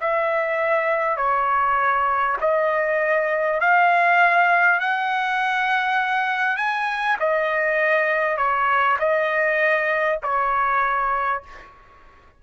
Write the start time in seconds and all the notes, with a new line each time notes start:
0.00 E5
1.16 C#5
2.40 D#5
3.60 F5
4.79 F#5
6.56 G#5
7.19 D#5
8.37 C#5
8.99 D#5
10.23 C#5